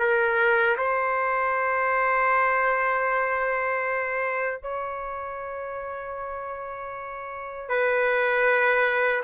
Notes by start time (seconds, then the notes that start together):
0.00 A#4
0.78 C5
4.63 C#5
7.69 B4